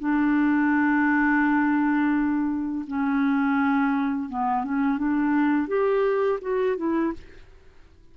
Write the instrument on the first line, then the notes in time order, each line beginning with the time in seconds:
clarinet
0.00 D4
2.87 C#4
4.29 B3
4.64 C#4
4.98 D4
5.68 G4
6.41 F#4
6.77 E4